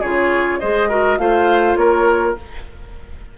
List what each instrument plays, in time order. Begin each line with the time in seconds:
0.00 bassoon C#3, clarinet F4, oboe G#4, flute C#5
0.60 bassoon G#3, clarinet G#4, oboe C5, flute D#5
0.89 clarinet F#4, oboe A#4
1.18 bassoon A3, clarinet F4, oboe C5, flute F5
1.76 bassoon A#3, oboe A#4, flute C#5